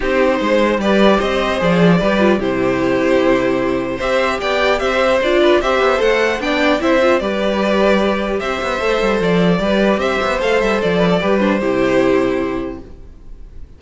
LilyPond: <<
  \new Staff \with { instrumentName = "violin" } { \time 4/4 \tempo 4 = 150 c''2 d''4 dis''4 | d''2 c''2~ | c''2 e''4 g''4 | e''4 d''4 e''4 fis''4 |
g''4 e''4 d''2~ | d''4 e''2 d''4~ | d''4 e''4 f''8 e''8 d''4~ | d''8 c''2.~ c''8 | }
  \new Staff \with { instrumentName = "violin" } { \time 4/4 g'4 c''4 b'4 c''4~ | c''4 b'4 g'2~ | g'2 c''4 d''4 | c''4. b'8 c''2 |
d''4 c''4 b'2~ | b'4 c''2. | b'4 c''2~ c''8 b'16 a'16 | b'4 g'2. | }
  \new Staff \with { instrumentName = "viola" } { \time 4/4 dis'2 g'2 | gis'4 g'8 f'8 e'2~ | e'2 g'2~ | g'4 f'4 g'4 a'4 |
d'4 e'8 f'8 g'2~ | g'2 a'2 | g'2 a'2 | g'8 d'8 e'2. | }
  \new Staff \with { instrumentName = "cello" } { \time 4/4 c'4 gis4 g4 c'4 | f4 g4 c2~ | c2 c'4 b4 | c'4 d'4 c'8 b8 a4 |
b4 c'4 g2~ | g4 c'8 b8 a8 g8 f4 | g4 c'8 b8 a8 g8 f4 | g4 c2. | }
>>